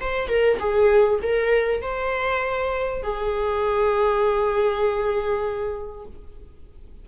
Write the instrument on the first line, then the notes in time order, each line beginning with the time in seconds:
viola
0.00 C5
0.28 A#4
0.59 G#4
1.22 A#4
1.81 C5
3.02 G#4